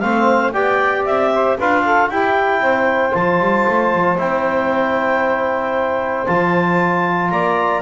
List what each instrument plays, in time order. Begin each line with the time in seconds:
0.00 double bass A3, trombone C4, saxophone C5, clarinet F5
0.53 double bass B3, trombone G4, saxophone D5, clarinet G5
1.06 double bass C4, clarinet E5
1.34 saxophone C5
1.58 double bass D4, trombone F4, saxophone B4, clarinet F5
1.85 saxophone A4
2.09 double bass E4, trombone E4, saxophone G4, clarinet G5
2.61 double bass C4, saxophone C5
3.12 double bass F3, trombone F4, clarinet A5
3.40 double bass G3
3.69 double bass A3
3.95 double bass F3
4.18 double bass C4, trombone E4, clarinet G5
6.27 double bass F3, trombone F4, clarinet A5
7.30 double bass A#3, saxophone D5, clarinet A#5